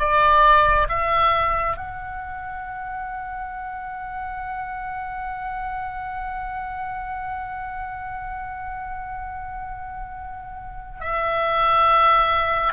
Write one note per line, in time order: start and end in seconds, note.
0.00 0.88 D5
0.89 1.77 E5
1.77 11.01 F#5
11.01 12.74 E5